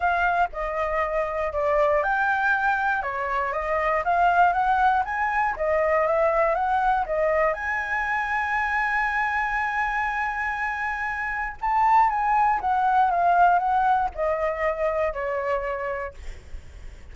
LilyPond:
\new Staff \with { instrumentName = "flute" } { \time 4/4 \tempo 4 = 119 f''4 dis''2 d''4 | g''2 cis''4 dis''4 | f''4 fis''4 gis''4 dis''4 | e''4 fis''4 dis''4 gis''4~ |
gis''1~ | gis''2. a''4 | gis''4 fis''4 f''4 fis''4 | dis''2 cis''2 | }